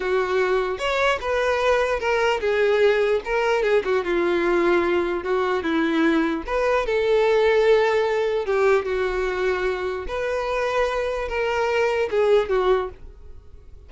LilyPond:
\new Staff \with { instrumentName = "violin" } { \time 4/4 \tempo 4 = 149 fis'2 cis''4 b'4~ | b'4 ais'4 gis'2 | ais'4 gis'8 fis'8 f'2~ | f'4 fis'4 e'2 |
b'4 a'2.~ | a'4 g'4 fis'2~ | fis'4 b'2. | ais'2 gis'4 fis'4 | }